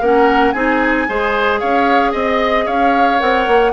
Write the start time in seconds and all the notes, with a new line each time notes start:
0.00 A#3 C#4 A#4 F#5
0.52 C4 D#4 G#4 G#5
1.08 G#3 G#4 C5
1.59 C#4 C#5 F5
2.11 C4 D#5
2.65 C#4 C#5 F5
3.19 C4 A#4 F#5
3.47 A#3